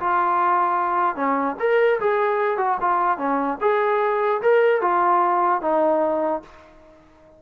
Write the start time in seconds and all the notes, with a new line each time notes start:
0.00 F4
1.16 C#4
1.60 A#4
2.01 G#4
2.58 F#4
2.81 F4
3.18 C#4
3.61 G#4
4.42 A#4
4.82 F4
5.62 D#4